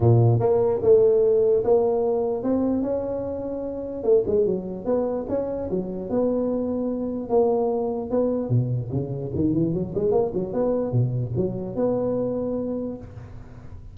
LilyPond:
\new Staff \with { instrumentName = "tuba" } { \time 4/4 \tempo 4 = 148 ais,4 ais4 a2 | ais2 c'4 cis'4~ | cis'2 a8 gis8 fis4 | b4 cis'4 fis4 b4~ |
b2 ais2 | b4 b,4 cis4 dis8 e8 | fis8 gis8 ais8 fis8 b4 b,4 | fis4 b2. | }